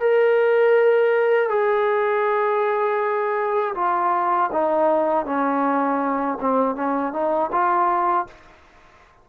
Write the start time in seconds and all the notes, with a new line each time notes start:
0.00 A#4
1.49 G#4
3.75 F4
4.52 D#4
5.25 C#4
6.40 C4
6.76 C#4
7.13 D#4
7.52 F4